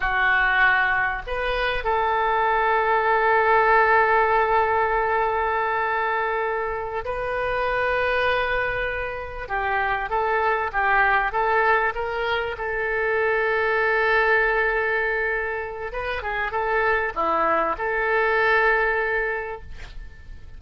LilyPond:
\new Staff \with { instrumentName = "oboe" } { \time 4/4 \tempo 4 = 98 fis'2 b'4 a'4~ | a'1~ | a'2.~ a'8 b'8~ | b'2.~ b'8 g'8~ |
g'8 a'4 g'4 a'4 ais'8~ | ais'8 a'2.~ a'8~ | a'2 b'8 gis'8 a'4 | e'4 a'2. | }